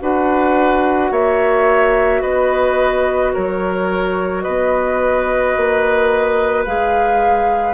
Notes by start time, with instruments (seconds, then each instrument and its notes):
0.00 bassoon D4, clarinet F#4, oboe B4, flute F#5
1.11 bassoon A#3, oboe C#5, flute E5
2.21 bassoon B3, oboe B4, flute D#5
3.34 bassoon F#3, oboe A#4, flute C#5
4.42 bassoon B3, oboe B4, flute D#5
5.56 bassoon A#3
6.65 bassoon G#3, clarinet G#4, flute F5